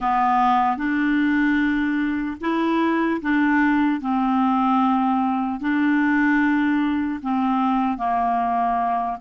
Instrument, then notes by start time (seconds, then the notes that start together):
clarinet
0.00 B3
0.77 D4
2.40 E4
3.21 D4
4.00 C4
5.60 D4
7.22 C4
7.97 A#3